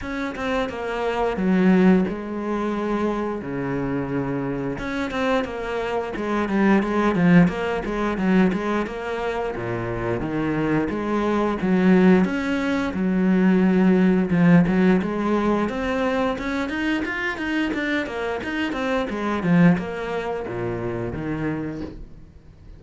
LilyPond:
\new Staff \with { instrumentName = "cello" } { \time 4/4 \tempo 4 = 88 cis'8 c'8 ais4 fis4 gis4~ | gis4 cis2 cis'8 c'8 | ais4 gis8 g8 gis8 f8 ais8 gis8 | fis8 gis8 ais4 ais,4 dis4 |
gis4 fis4 cis'4 fis4~ | fis4 f8 fis8 gis4 c'4 | cis'8 dis'8 f'8 dis'8 d'8 ais8 dis'8 c'8 | gis8 f8 ais4 ais,4 dis4 | }